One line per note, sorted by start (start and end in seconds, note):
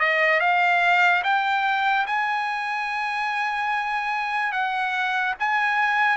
0.00 0.40 D#5
0.40 1.23 F5
1.24 2.06 G5
2.07 4.52 G#5
4.52 5.35 F#5
5.39 6.17 G#5